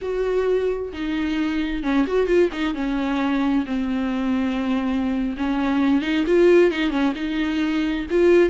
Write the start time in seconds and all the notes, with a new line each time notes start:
0.01 F#4
0.92 D#4
1.83 C#4
2.06 F#4
2.26 F4
2.52 D#4
2.74 C#4
3.65 C4
5.37 C#4
6.01 D#4
6.26 F4
6.71 D#4
6.90 C#4
7.15 D#4
8.10 F4